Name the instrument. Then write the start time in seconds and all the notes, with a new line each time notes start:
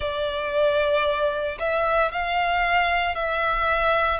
violin
0.00 D5
1.59 E5
2.11 F5
3.15 E5